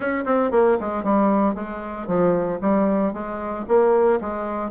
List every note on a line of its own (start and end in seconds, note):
0.00 0.24 C#4
0.25 0.51 C4
0.51 0.77 A#3
0.80 1.03 G#3
1.03 1.55 G3
1.55 2.07 G#3
2.07 2.59 F3
2.61 3.13 G3
3.13 3.65 G#3
3.68 4.20 A#3
4.20 4.70 G#3